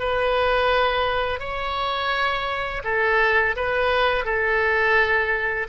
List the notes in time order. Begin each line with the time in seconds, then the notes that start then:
0.00 B4
1.40 C#5
2.84 A4
3.56 B4
4.25 A4